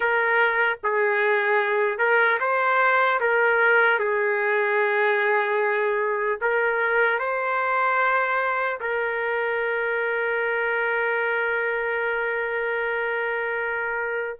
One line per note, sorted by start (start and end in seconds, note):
0.00 0.78 A#4
0.83 1.98 G#4
1.98 2.38 A#4
2.40 3.20 C5
3.20 3.99 A#4
3.99 6.39 G#4
6.41 7.19 A#4
7.19 8.79 C5
8.80 14.39 A#4